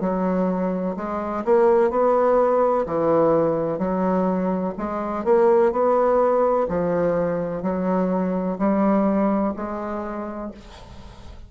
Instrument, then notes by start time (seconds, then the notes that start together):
bassoon
0.00 F#3
0.96 G#3
1.45 A#3
1.90 B3
2.86 E3
3.78 F#3
4.77 G#3
5.24 A#3
5.71 B3
6.68 F3
7.62 F#3
8.58 G3
9.55 G#3